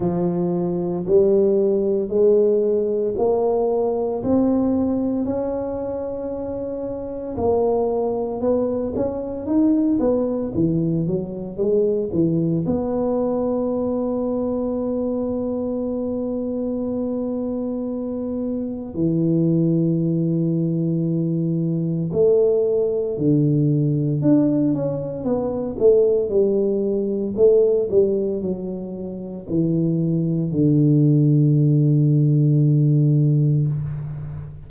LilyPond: \new Staff \with { instrumentName = "tuba" } { \time 4/4 \tempo 4 = 57 f4 g4 gis4 ais4 | c'4 cis'2 ais4 | b8 cis'8 dis'8 b8 e8 fis8 gis8 e8 | b1~ |
b2 e2~ | e4 a4 d4 d'8 cis'8 | b8 a8 g4 a8 g8 fis4 | e4 d2. | }